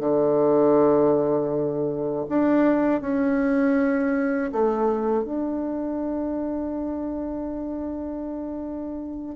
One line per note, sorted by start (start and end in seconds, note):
0.00 2.25 D3
2.29 3.01 D4
3.01 4.51 C#4
4.52 5.24 A3
5.24 9.36 D4